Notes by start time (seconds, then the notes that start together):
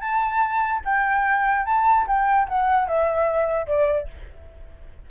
0.00 A5
0.85 G5
1.65 A5
2.07 G5
2.48 F#5
2.88 E5
3.67 D5